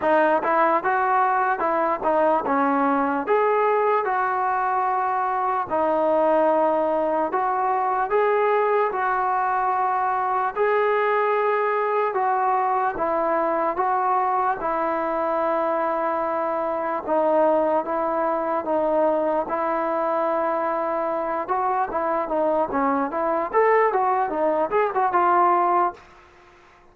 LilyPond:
\new Staff \with { instrumentName = "trombone" } { \time 4/4 \tempo 4 = 74 dis'8 e'8 fis'4 e'8 dis'8 cis'4 | gis'4 fis'2 dis'4~ | dis'4 fis'4 gis'4 fis'4~ | fis'4 gis'2 fis'4 |
e'4 fis'4 e'2~ | e'4 dis'4 e'4 dis'4 | e'2~ e'8 fis'8 e'8 dis'8 | cis'8 e'8 a'8 fis'8 dis'8 gis'16 fis'16 f'4 | }